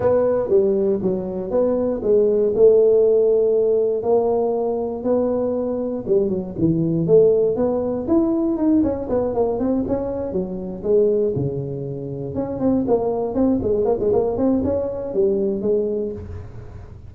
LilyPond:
\new Staff \with { instrumentName = "tuba" } { \time 4/4 \tempo 4 = 119 b4 g4 fis4 b4 | gis4 a2. | ais2 b2 | g8 fis8 e4 a4 b4 |
e'4 dis'8 cis'8 b8 ais8 c'8 cis'8~ | cis'8 fis4 gis4 cis4.~ | cis8 cis'8 c'8 ais4 c'8 gis8 ais16 gis16 | ais8 c'8 cis'4 g4 gis4 | }